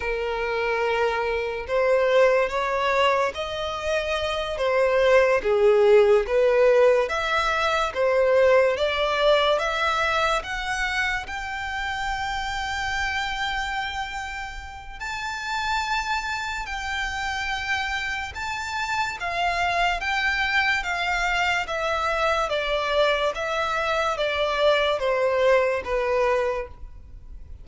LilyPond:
\new Staff \with { instrumentName = "violin" } { \time 4/4 \tempo 4 = 72 ais'2 c''4 cis''4 | dis''4. c''4 gis'4 b'8~ | b'8 e''4 c''4 d''4 e''8~ | e''8 fis''4 g''2~ g''8~ |
g''2 a''2 | g''2 a''4 f''4 | g''4 f''4 e''4 d''4 | e''4 d''4 c''4 b'4 | }